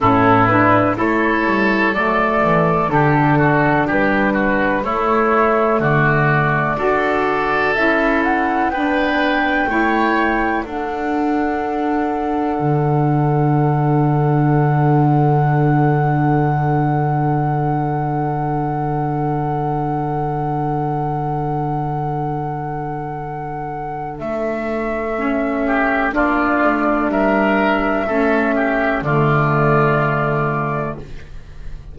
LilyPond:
<<
  \new Staff \with { instrumentName = "flute" } { \time 4/4 \tempo 4 = 62 a'8 b'8 cis''4 d''4 a'4 | b'4 cis''4 d''2 | e''8 fis''8 g''2 fis''4~ | fis''1~ |
fis''1~ | fis''1~ | fis''4 e''2 d''4 | e''2 d''2 | }
  \new Staff \with { instrumentName = "oboe" } { \time 4/4 e'4 a'2 g'8 fis'8 | g'8 fis'8 e'4 fis'4 a'4~ | a'4 b'4 cis''4 a'4~ | a'1~ |
a'1~ | a'1~ | a'2~ a'8 g'8 f'4 | ais'4 a'8 g'8 f'2 | }
  \new Staff \with { instrumentName = "saxophone" } { \time 4/4 cis'8 d'8 e'4 a4 d'4~ | d'4 a2 fis'4 | e'4 d'4 e'4 d'4~ | d'1~ |
d'1~ | d'1~ | d'2 cis'4 d'4~ | d'4 cis'4 a2 | }
  \new Staff \with { instrumentName = "double bass" } { \time 4/4 a,4 a8 g8 fis8 e8 d4 | g4 a4 d4 d'4 | cis'4 b4 a4 d'4~ | d'4 d2.~ |
d1~ | d1~ | d4 a2 ais8 a8 | g4 a4 d2 | }
>>